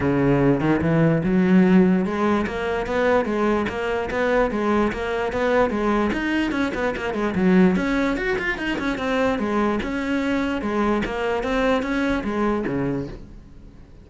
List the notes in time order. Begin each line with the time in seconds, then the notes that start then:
0.00 C#3
0.60 D#3
0.81 E3
1.23 F#3
2.05 G#3
2.46 A#3
2.86 B3
3.25 G#3
3.68 A#3
4.10 B3
4.51 G#3
4.92 A#3
5.32 B3
5.70 G#3
6.12 D#4
6.51 C#4
6.74 B3
6.96 A#3
7.13 G#3
7.35 F#3
7.76 C#4
8.17 F#4
8.38 F4
8.58 D#4
8.78 C#4
8.98 C4
9.39 G#3
9.82 C#4
10.61 G#3
11.05 A#3
11.43 C4
11.82 C#4
12.24 G#3
12.66 C#3